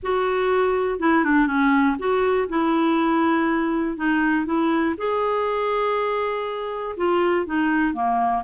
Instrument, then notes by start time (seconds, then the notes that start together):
clarinet
0.02 F#4
0.99 E4
1.24 D4
1.46 C#4
1.98 F#4
2.48 E4
3.96 D#4
4.45 E4
4.97 G#4
6.96 F4
7.46 D#4
7.93 A#3